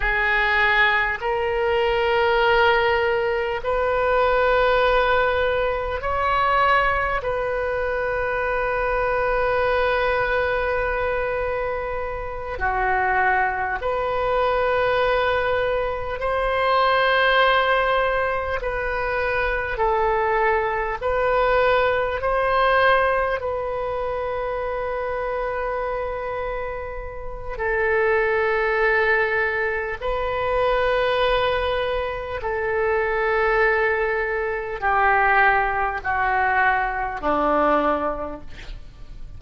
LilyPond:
\new Staff \with { instrumentName = "oboe" } { \time 4/4 \tempo 4 = 50 gis'4 ais'2 b'4~ | b'4 cis''4 b'2~ | b'2~ b'8 fis'4 b'8~ | b'4. c''2 b'8~ |
b'8 a'4 b'4 c''4 b'8~ | b'2. a'4~ | a'4 b'2 a'4~ | a'4 g'4 fis'4 d'4 | }